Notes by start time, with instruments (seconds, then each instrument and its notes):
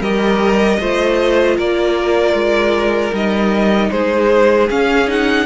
0.00 cello G3, viola G4, violin A#4 D#5
0.80 cello A3, viola F4, violin C5
1.57 cello A#3, violin A#4 D5
2.34 cello G#3
3.12 cello G3, viola D#4, violin D#5
3.92 cello G#3, violin G#4 C5
4.69 viola C#4, cello C#4, violin F5
5.07 viola D#4, violin F#5